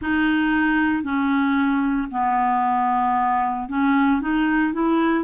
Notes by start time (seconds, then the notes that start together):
0.01 D#4
1.03 C#4
2.11 B3
3.68 C#4
4.21 D#4
4.73 E4